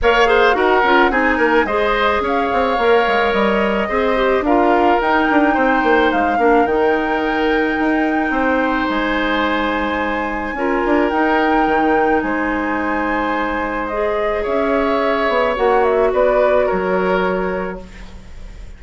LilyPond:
<<
  \new Staff \with { instrumentName = "flute" } { \time 4/4 \tempo 4 = 108 f''4 fis''4 gis''4 dis''4 | f''2 dis''2 | f''4 g''2 f''4 | g''1 |
gis''1 | g''2 gis''2~ | gis''4 dis''4 e''2 | fis''8 e''8 d''4 cis''2 | }
  \new Staff \with { instrumentName = "oboe" } { \time 4/4 cis''8 c''8 ais'4 gis'8 ais'8 c''4 | cis''2. c''4 | ais'2 c''4. ais'8~ | ais'2. c''4~ |
c''2. ais'4~ | ais'2 c''2~ | c''2 cis''2~ | cis''4 b'4 ais'2 | }
  \new Staff \with { instrumentName = "clarinet" } { \time 4/4 ais'8 gis'8 fis'8 f'8 dis'4 gis'4~ | gis'4 ais'2 gis'8 g'8 | f'4 dis'2~ dis'8 d'8 | dis'1~ |
dis'2. f'4 | dis'1~ | dis'4 gis'2. | fis'1 | }
  \new Staff \with { instrumentName = "bassoon" } { \time 4/4 ais4 dis'8 cis'8 c'8 ais8 gis4 | cis'8 c'8 ais8 gis8 g4 c'4 | d'4 dis'8 d'8 c'8 ais8 gis8 ais8 | dis2 dis'4 c'4 |
gis2. cis'8 d'8 | dis'4 dis4 gis2~ | gis2 cis'4. b8 | ais4 b4 fis2 | }
>>